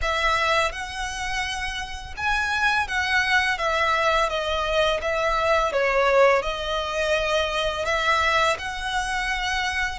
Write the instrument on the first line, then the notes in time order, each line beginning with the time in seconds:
violin
0.01 E5
0.71 F#5
2.16 G#5
2.87 F#5
3.57 E5
4.29 D#5
5.01 E5
5.72 C#5
6.42 D#5
7.85 E5
8.58 F#5